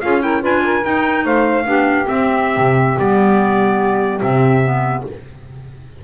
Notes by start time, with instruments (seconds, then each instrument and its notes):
0.00 double bass C#4, clarinet F4, saxophone G#4, trumpet F5
0.21 clarinet E4, saxophone A#4, trumpet G5
0.41 double bass D4, clarinet F4, saxophone B4, trumpet G#5
0.64 saxophone A#4
0.82 clarinet D#4, double bass D#4, trumpet G5
1.24 double bass A3, saxophone C5, trumpet F5
1.64 double bass B3, clarinet D4, saxophone G4
2.05 clarinet C4, double bass C4, trumpet E5
2.56 double bass C3
2.98 double bass G3, clarinet B3, trumpet D5
4.20 double bass C3, clarinet C4, trumpet E5
4.63 clarinet B3